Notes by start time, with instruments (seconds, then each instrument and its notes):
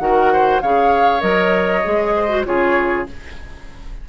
0.00 bassoon D#3, clarinet F#4, oboe A#4, flute F#5
0.33 oboe C5
0.61 bassoon C#3, clarinet G#4, oboe C#5, flute F5
1.21 bassoon F#3, clarinet A#4, flute D#5
1.84 bassoon G#3, clarinet G#4
2.16 oboe C5
2.29 clarinet F#4
2.45 bassoon C#3, clarinet F4, oboe G#4, flute C#5